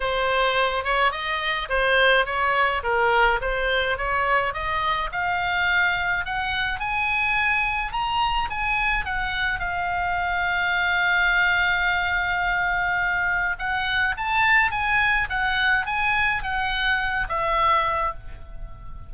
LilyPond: \new Staff \with { instrumentName = "oboe" } { \time 4/4 \tempo 4 = 106 c''4. cis''8 dis''4 c''4 | cis''4 ais'4 c''4 cis''4 | dis''4 f''2 fis''4 | gis''2 ais''4 gis''4 |
fis''4 f''2.~ | f''1 | fis''4 a''4 gis''4 fis''4 | gis''4 fis''4. e''4. | }